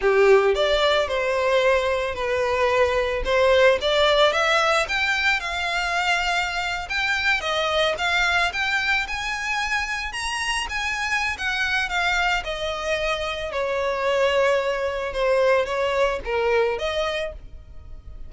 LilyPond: \new Staff \with { instrumentName = "violin" } { \time 4/4 \tempo 4 = 111 g'4 d''4 c''2 | b'2 c''4 d''4 | e''4 g''4 f''2~ | f''8. g''4 dis''4 f''4 g''16~ |
g''8. gis''2 ais''4 gis''16~ | gis''4 fis''4 f''4 dis''4~ | dis''4 cis''2. | c''4 cis''4 ais'4 dis''4 | }